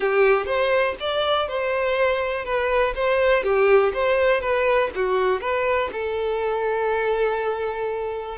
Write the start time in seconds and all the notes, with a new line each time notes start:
0.00 G4
0.46 C5
1.00 D5
1.48 C5
2.45 B4
2.95 C5
3.43 G4
3.93 C5
4.40 B4
4.95 F#4
5.41 B4
5.92 A4